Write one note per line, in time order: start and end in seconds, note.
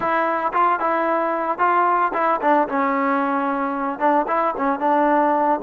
0.00 0.52 E4
0.53 0.79 F4
0.79 1.58 E4
1.58 2.12 F4
2.13 2.40 E4
2.41 2.68 D4
2.68 3.99 C#4
3.99 4.25 D4
4.27 4.54 E4
4.57 4.79 C#4
4.79 5.60 D4